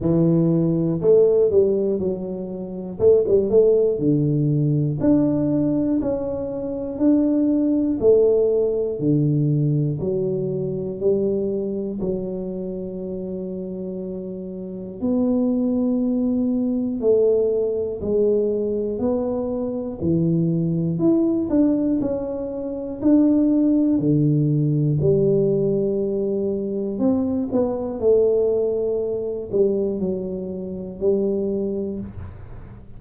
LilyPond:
\new Staff \with { instrumentName = "tuba" } { \time 4/4 \tempo 4 = 60 e4 a8 g8 fis4 a16 g16 a8 | d4 d'4 cis'4 d'4 | a4 d4 fis4 g4 | fis2. b4~ |
b4 a4 gis4 b4 | e4 e'8 d'8 cis'4 d'4 | d4 g2 c'8 b8 | a4. g8 fis4 g4 | }